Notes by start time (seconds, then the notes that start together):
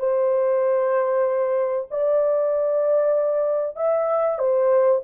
0.00 C5
1.91 D5
3.76 E5
4.39 C5